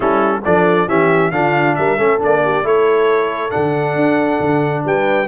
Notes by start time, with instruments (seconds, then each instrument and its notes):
0.00 tuba G3, trombone C#4, horn E4, trumpet A4
0.44 tuba F3, trombone D4, horn A4, trumpet D5
0.87 tuba E3, trombone C#4, horn G4, trumpet E5
1.31 tuba D3, trombone D4, horn F4, trumpet F5
1.75 tuba G3, horn A#4, trumpet E5
1.97 tuba A3, trombone C#4, horn A4
2.19 tuba A#3, trombone D4, trumpet D5
2.44 horn G4
2.63 tuba A3, trombone E4, horn A4, trumpet C#5
3.50 tuba D3, trombone D4, trumpet F#5
3.95 tuba D4
4.40 tuba D3
4.84 tuba G3, horn B4, trumpet G5